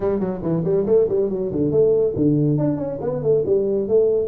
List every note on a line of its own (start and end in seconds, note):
0.00 0.19 G3
0.19 0.41 F#3
0.42 0.63 E3
0.64 0.85 G3
0.86 1.07 A3
1.08 1.29 G3
1.29 1.51 F#3
1.51 1.71 D3
1.71 2.14 A3
2.15 2.57 D3
2.57 2.77 D4
2.77 2.98 C#4
3.01 3.22 B3
3.22 3.44 A3
3.46 3.87 G3
3.87 4.27 A3